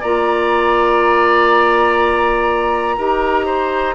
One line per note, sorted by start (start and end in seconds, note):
0.00 2.98 A#3
0.00 2.98 F4
0.00 2.95 D5
0.00 3.95 A#5
2.97 3.95 D#4
2.97 3.95 G4
2.97 3.45 A#4
3.45 3.94 C5